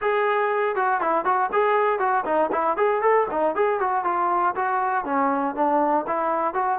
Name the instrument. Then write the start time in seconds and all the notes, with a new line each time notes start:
trombone
0.01 G#4
0.75 F#4
1.01 E4
1.24 F#4
1.52 G#4
1.99 F#4
2.25 D#4
2.51 E4
2.77 G#4
3.01 A4
3.30 D#4
3.55 G#4
3.79 F#4
4.04 F4
4.55 F#4
5.04 C#4
5.55 D4
6.07 E4
6.54 F#4